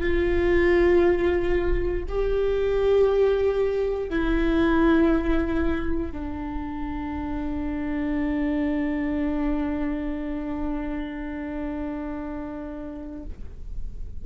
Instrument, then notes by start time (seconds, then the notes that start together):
viola
0.00 F4
2.08 G4
4.09 E4
6.12 D4